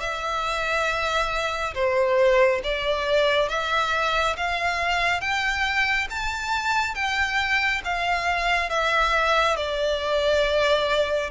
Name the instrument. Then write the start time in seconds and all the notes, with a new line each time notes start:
violin
0.00 E5
1.74 C5
2.64 D5
3.49 E5
4.36 F5
5.21 G5
6.10 A5
6.94 G5
7.84 F5
8.70 E5
9.57 D5